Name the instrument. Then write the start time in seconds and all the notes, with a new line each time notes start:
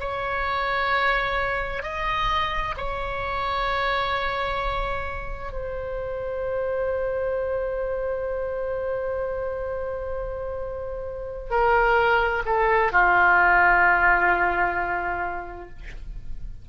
oboe
0.00 C#5
1.83 D#5
2.77 C#5
5.52 C5
11.50 A#4
12.46 A4
12.92 F4